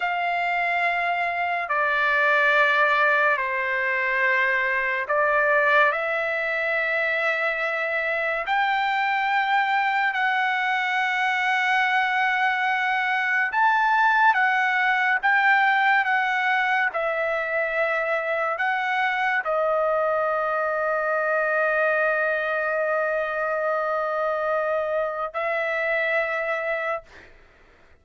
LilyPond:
\new Staff \with { instrumentName = "trumpet" } { \time 4/4 \tempo 4 = 71 f''2 d''2 | c''2 d''4 e''4~ | e''2 g''2 | fis''1 |
a''4 fis''4 g''4 fis''4 | e''2 fis''4 dis''4~ | dis''1~ | dis''2 e''2 | }